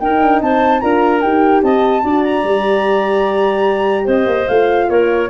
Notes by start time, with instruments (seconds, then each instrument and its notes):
0.00 horn D#4, tuba D#4, clarinet A#4, flute G5
0.22 tuba D4
0.42 tuba C4, clarinet C5, flute A5
0.81 tuba D4, horn F4, clarinet A#4, flute A#5
1.22 tuba D#4, horn G4, flute G5
1.63 tuba C4, clarinet D#5, flute A5
2.03 tuba D4, horn F#4, clarinet D5
2.25 flute A#5
2.44 tuba G3, horn G4
4.05 tuba C4, clarinet C5, flute D#5
4.26 tuba A#3
4.49 tuba A3, horn F4, flute F5
4.90 tuba A#3, clarinet A#4, flute C#5